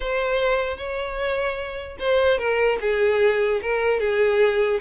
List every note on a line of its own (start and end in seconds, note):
0.00 0.77 C5
0.77 1.97 C#5
1.99 2.38 C5
2.38 2.78 A#4
2.81 3.61 G#4
3.61 4.00 A#4
4.00 4.80 G#4